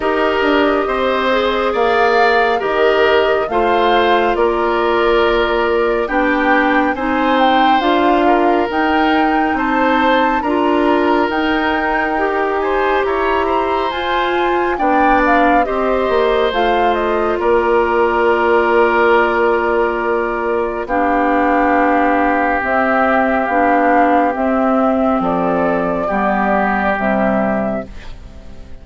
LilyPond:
<<
  \new Staff \with { instrumentName = "flute" } { \time 4/4 \tempo 4 = 69 dis''2 f''4 dis''4 | f''4 d''2 g''4 | gis''8 g''8 f''4 g''4 a''4 | ais''4 g''4. gis''8 ais''4 |
gis''4 g''8 f''8 dis''4 f''8 dis''8 | d''1 | f''2 e''4 f''4 | e''4 d''2 e''4 | }
  \new Staff \with { instrumentName = "oboe" } { \time 4/4 ais'4 c''4 d''4 ais'4 | c''4 ais'2 g'4 | c''4. ais'4. c''4 | ais'2~ ais'8 c''8 cis''8 c''8~ |
c''4 d''4 c''2 | ais'1 | g'1~ | g'4 a'4 g'2 | }
  \new Staff \with { instrumentName = "clarinet" } { \time 4/4 g'4. gis'4. g'4 | f'2. d'4 | dis'4 f'4 dis'2 | f'4 dis'4 g'2 |
f'4 d'4 g'4 f'4~ | f'1 | d'2 c'4 d'4 | c'2 b4 g4 | }
  \new Staff \with { instrumentName = "bassoon" } { \time 4/4 dis'8 d'8 c'4 ais4 dis4 | a4 ais2 b4 | c'4 d'4 dis'4 c'4 | d'4 dis'2 e'4 |
f'4 b4 c'8 ais8 a4 | ais1 | b2 c'4 b4 | c'4 f4 g4 c4 | }
>>